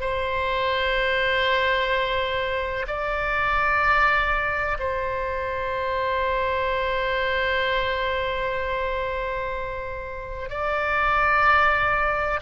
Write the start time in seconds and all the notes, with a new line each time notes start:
0.00 C5
2.87 D5
4.79 C5
10.49 D5